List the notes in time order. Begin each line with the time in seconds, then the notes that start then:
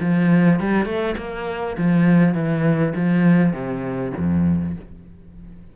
0.00 F3
0.60 G3
0.85 A3
1.17 A#3
1.77 F3
2.34 E3
2.95 F3
3.53 C3
4.17 F2